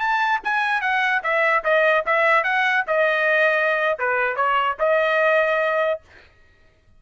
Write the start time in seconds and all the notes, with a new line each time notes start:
0.00 A5
0.45 G#5
0.82 F#5
1.23 E5
1.64 D#5
2.06 E5
2.44 F#5
2.88 D#5
3.99 B4
4.37 C#5
4.80 D#5